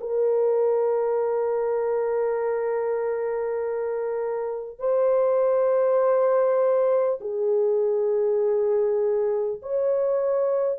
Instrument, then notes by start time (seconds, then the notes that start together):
horn
0.00 A#4
4.79 C5
7.21 G#4
9.62 C#5